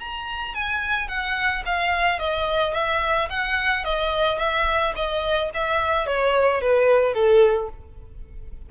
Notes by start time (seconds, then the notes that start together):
0.00 A#5
0.55 G#5
1.09 F#5
1.66 F5
2.20 D#5
2.74 E5
3.30 F#5
3.85 D#5
4.39 E5
4.96 D#5
5.54 E5
6.07 C#5
6.62 B4
7.15 A4